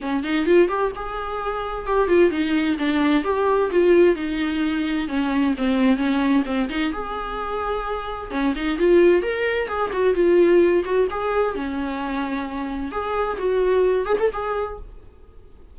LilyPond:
\new Staff \with { instrumentName = "viola" } { \time 4/4 \tempo 4 = 130 cis'8 dis'8 f'8 g'8 gis'2 | g'8 f'8 dis'4 d'4 g'4 | f'4 dis'2 cis'4 | c'4 cis'4 c'8 dis'8 gis'4~ |
gis'2 cis'8 dis'8 f'4 | ais'4 gis'8 fis'8 f'4. fis'8 | gis'4 cis'2. | gis'4 fis'4. gis'16 a'16 gis'4 | }